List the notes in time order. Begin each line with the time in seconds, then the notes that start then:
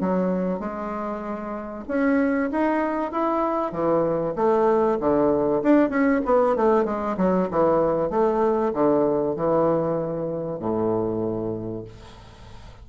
0.00 F#3
0.59 G#3
1.88 C#4
2.51 D#4
3.11 E4
3.72 E3
4.35 A3
5.00 D3
5.62 D4
5.89 C#4
6.25 B3
6.56 A3
6.85 G#3
7.17 F#3
7.51 E3
8.10 A3
8.74 D3
9.36 E3
10.59 A2